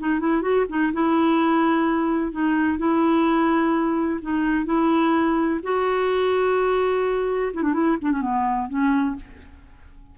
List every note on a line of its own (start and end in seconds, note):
0.00 0.20 D#4
0.20 0.42 E4
0.42 0.65 F#4
0.69 0.93 D#4
0.93 2.32 E4
2.32 2.79 D#4
2.79 4.20 E4
4.22 4.66 D#4
4.66 5.60 E4
5.63 7.52 F#4
7.54 7.63 E4
7.63 7.74 D4
7.74 7.97 E4
8.02 8.12 D4
8.12 8.22 C#4
8.22 8.69 B3
8.69 9.16 C#4